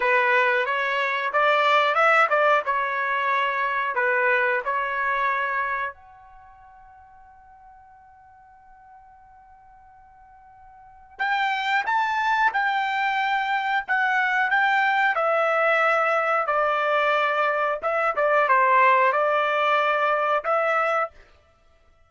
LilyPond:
\new Staff \with { instrumentName = "trumpet" } { \time 4/4 \tempo 4 = 91 b'4 cis''4 d''4 e''8 d''8 | cis''2 b'4 cis''4~ | cis''4 fis''2.~ | fis''1~ |
fis''4 g''4 a''4 g''4~ | g''4 fis''4 g''4 e''4~ | e''4 d''2 e''8 d''8 | c''4 d''2 e''4 | }